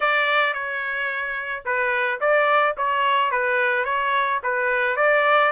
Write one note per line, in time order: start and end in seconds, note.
0.00 0.53 D5
0.53 1.63 C#5
1.65 2.20 B4
2.20 2.75 D5
2.77 3.31 C#5
3.31 3.84 B4
3.84 4.39 C#5
4.43 4.96 B4
4.96 5.51 D5